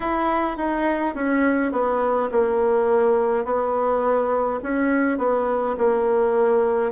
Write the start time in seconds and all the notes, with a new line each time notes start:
0.00 E4
0.57 D#4
1.14 C#4
1.72 B3
2.31 A#3
3.44 B3
4.63 C#4
5.18 B3
5.77 A#3